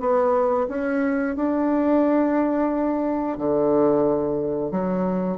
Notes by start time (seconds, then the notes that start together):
0.00 B3
0.69 C#4
1.36 D4
3.37 D3
4.71 F#3